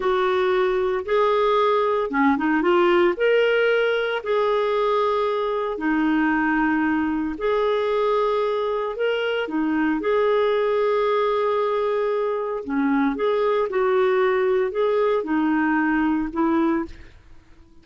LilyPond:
\new Staff \with { instrumentName = "clarinet" } { \time 4/4 \tempo 4 = 114 fis'2 gis'2 | cis'8 dis'8 f'4 ais'2 | gis'2. dis'4~ | dis'2 gis'2~ |
gis'4 ais'4 dis'4 gis'4~ | gis'1 | cis'4 gis'4 fis'2 | gis'4 dis'2 e'4 | }